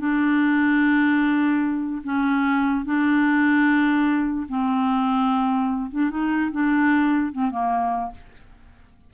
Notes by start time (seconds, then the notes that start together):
0.00 D4
2.04 C#4
2.85 D4
4.49 C4
5.92 D4
6.11 D#4
6.52 D4
7.33 C4
7.51 A#3